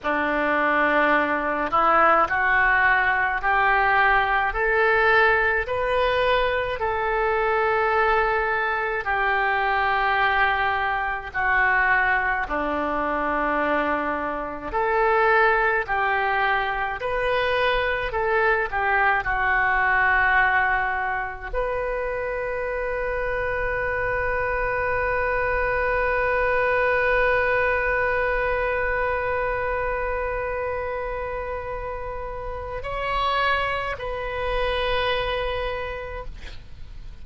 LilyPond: \new Staff \with { instrumentName = "oboe" } { \time 4/4 \tempo 4 = 53 d'4. e'8 fis'4 g'4 | a'4 b'4 a'2 | g'2 fis'4 d'4~ | d'4 a'4 g'4 b'4 |
a'8 g'8 fis'2 b'4~ | b'1~ | b'1~ | b'4 cis''4 b'2 | }